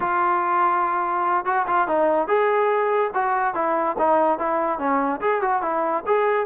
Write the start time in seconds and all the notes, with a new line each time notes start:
0.00 F4
1.45 F#4
1.67 F4
1.87 D#4
2.27 G#4
3.14 F#4
3.54 E4
3.98 D#4
4.39 E4
4.78 C#4
5.20 G#4
5.41 F#4
5.62 E4
6.06 G#4